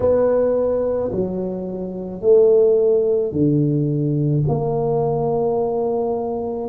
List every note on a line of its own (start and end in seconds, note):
0.00 1.11 B3
1.11 2.21 F#3
2.21 3.32 A3
3.32 4.43 D3
4.47 6.69 A#3